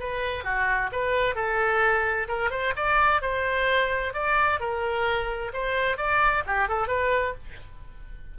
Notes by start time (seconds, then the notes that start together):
0.00 B4
0.44 F#4
0.92 B4
1.35 A4
2.28 A#4
2.51 C5
2.76 D5
3.22 C5
4.14 D5
4.60 A#4
5.53 C5
5.97 D5
6.47 G4
6.69 A4
6.88 B4